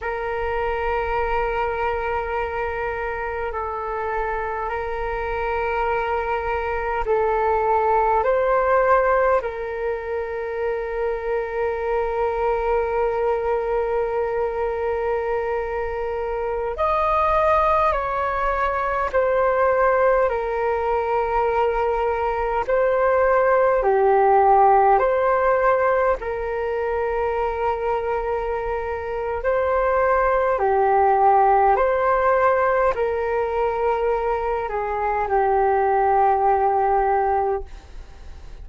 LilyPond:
\new Staff \with { instrumentName = "flute" } { \time 4/4 \tempo 4 = 51 ais'2. a'4 | ais'2 a'4 c''4 | ais'1~ | ais'2~ ais'16 dis''4 cis''8.~ |
cis''16 c''4 ais'2 c''8.~ | c''16 g'4 c''4 ais'4.~ ais'16~ | ais'4 c''4 g'4 c''4 | ais'4. gis'8 g'2 | }